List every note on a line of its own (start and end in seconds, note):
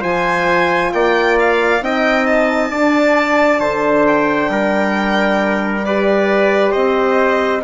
0.00 0.92 F3
0.00 1.79 F4
0.00 0.90 C5
0.00 0.93 G#5
0.93 1.80 A#3
0.93 1.83 D5
0.93 1.37 G5
1.39 1.83 F5
1.80 2.70 C4
1.80 2.71 D#4
1.80 2.70 D#5
1.80 2.26 G5
2.26 4.05 A5
2.70 3.59 D4
2.70 5.85 D4
2.70 3.60 D5
3.59 4.48 D3
3.59 4.49 C5
4.07 5.84 G5
4.49 6.73 G3
4.49 5.85 A#4
5.84 7.63 G4
5.84 6.71 B4
5.84 6.72 D5
6.71 7.63 C4
6.71 7.61 C5
6.71 7.62 D#5